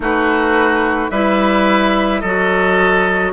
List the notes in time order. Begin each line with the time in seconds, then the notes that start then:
0.00 A3 D#4 F#4 B4
1.10 G3 E4 B4 E5
2.20 F#3 F#4 A4 D#5